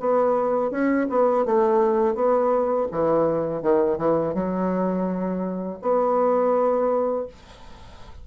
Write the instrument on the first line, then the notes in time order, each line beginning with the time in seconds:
bassoon
0.00 B3
0.71 C#4
1.09 B3
1.46 A3
2.15 B3
2.92 E3
3.62 D#3
3.98 E3
4.35 F#3
5.82 B3